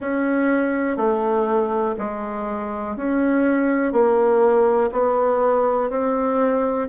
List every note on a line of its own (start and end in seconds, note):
0.00 0.97 C#4
0.97 1.95 A3
1.98 2.96 G#3
2.96 3.92 C#4
3.92 4.90 A#3
4.92 5.90 B3
5.90 6.88 C4